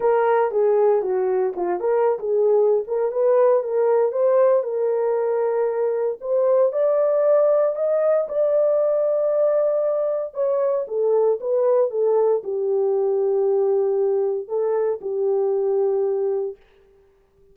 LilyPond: \new Staff \with { instrumentName = "horn" } { \time 4/4 \tempo 4 = 116 ais'4 gis'4 fis'4 f'8 ais'8~ | ais'16 gis'4~ gis'16 ais'8 b'4 ais'4 | c''4 ais'2. | c''4 d''2 dis''4 |
d''1 | cis''4 a'4 b'4 a'4 | g'1 | a'4 g'2. | }